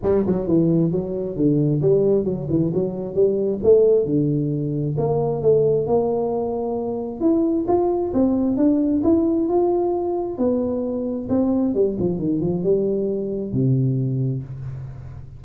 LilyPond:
\new Staff \with { instrumentName = "tuba" } { \time 4/4 \tempo 4 = 133 g8 fis8 e4 fis4 d4 | g4 fis8 e8 fis4 g4 | a4 d2 ais4 | a4 ais2. |
e'4 f'4 c'4 d'4 | e'4 f'2 b4~ | b4 c'4 g8 f8 dis8 f8 | g2 c2 | }